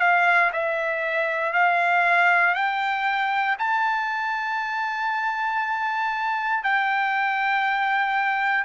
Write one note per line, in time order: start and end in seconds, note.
0.00 0.51 F5
0.53 1.53 E5
1.53 2.55 F5
2.55 3.56 G5
3.59 6.63 A5
6.63 8.64 G5